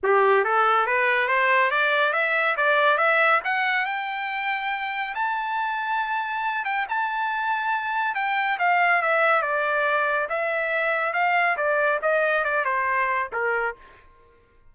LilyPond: \new Staff \with { instrumentName = "trumpet" } { \time 4/4 \tempo 4 = 140 g'4 a'4 b'4 c''4 | d''4 e''4 d''4 e''4 | fis''4 g''2. | a''2.~ a''8 g''8 |
a''2. g''4 | f''4 e''4 d''2 | e''2 f''4 d''4 | dis''4 d''8 c''4. ais'4 | }